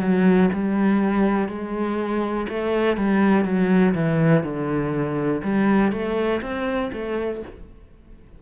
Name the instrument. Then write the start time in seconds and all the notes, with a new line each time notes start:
cello
0.00 F#3
0.53 G3
1.48 G#3
2.49 A3
2.96 G3
3.44 F#3
3.94 E3
4.43 D3
5.43 G3
5.92 A3
6.41 C4
6.93 A3